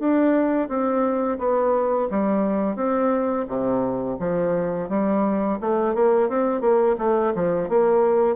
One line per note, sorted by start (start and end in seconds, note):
0.00 0.69 D4
0.69 1.39 C4
1.39 2.09 B3
2.11 2.77 G3
2.77 3.46 C4
3.48 4.18 C3
4.20 4.89 F3
4.89 5.59 G3
5.61 5.95 A3
5.95 6.29 A#3
6.29 6.61 C4
6.61 6.96 A#3
6.99 7.34 A3
7.35 7.70 F3
7.70 8.37 A#3